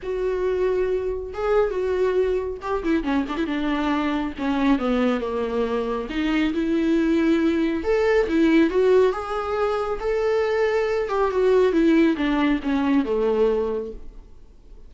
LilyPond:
\new Staff \with { instrumentName = "viola" } { \time 4/4 \tempo 4 = 138 fis'2. gis'4 | fis'2 g'8 e'8 cis'8 d'16 e'16 | d'2 cis'4 b4 | ais2 dis'4 e'4~ |
e'2 a'4 e'4 | fis'4 gis'2 a'4~ | a'4. g'8 fis'4 e'4 | d'4 cis'4 a2 | }